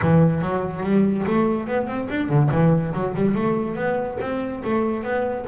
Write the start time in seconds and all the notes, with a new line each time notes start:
0.01 E3
0.41 F#3
0.83 G3
1.27 A3
1.67 B3
1.87 C4
2.10 D4
2.29 D3
2.51 E3
2.93 F#3
3.15 G3
3.35 A3
3.75 B3
4.20 C4
4.64 A3
5.03 B3